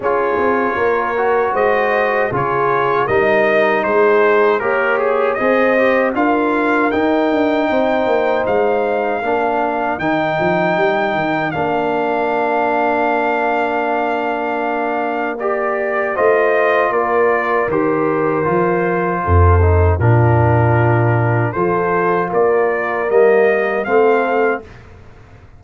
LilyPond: <<
  \new Staff \with { instrumentName = "trumpet" } { \time 4/4 \tempo 4 = 78 cis''2 dis''4 cis''4 | dis''4 c''4 ais'8 gis'8 dis''4 | f''4 g''2 f''4~ | f''4 g''2 f''4~ |
f''1 | d''4 dis''4 d''4 c''4~ | c''2 ais'2 | c''4 d''4 dis''4 f''4 | }
  \new Staff \with { instrumentName = "horn" } { \time 4/4 gis'4 ais'4 c''4 gis'4 | ais'4 gis'4 cis''4 c''4 | ais'2 c''2 | ais'1~ |
ais'1~ | ais'4 c''4 ais'2~ | ais'4 a'4 f'2 | a'4 ais'2 a'4 | }
  \new Staff \with { instrumentName = "trombone" } { \time 4/4 f'4. fis'4. f'4 | dis'2 g'4 gis'8 g'8 | f'4 dis'2. | d'4 dis'2 d'4~ |
d'1 | g'4 f'2 g'4 | f'4. dis'8 d'2 | f'2 ais4 c'4 | }
  \new Staff \with { instrumentName = "tuba" } { \time 4/4 cis'8 c'8 ais4 gis4 cis4 | g4 gis4 ais4 c'4 | d'4 dis'8 d'8 c'8 ais8 gis4 | ais4 dis8 f8 g8 dis8 ais4~ |
ais1~ | ais4 a4 ais4 dis4 | f4 f,4 ais,2 | f4 ais4 g4 a4 | }
>>